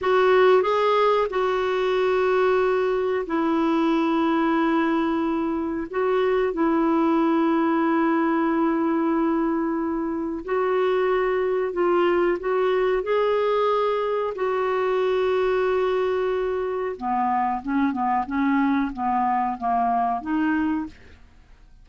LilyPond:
\new Staff \with { instrumentName = "clarinet" } { \time 4/4 \tempo 4 = 92 fis'4 gis'4 fis'2~ | fis'4 e'2.~ | e'4 fis'4 e'2~ | e'1 |
fis'2 f'4 fis'4 | gis'2 fis'2~ | fis'2 b4 cis'8 b8 | cis'4 b4 ais4 dis'4 | }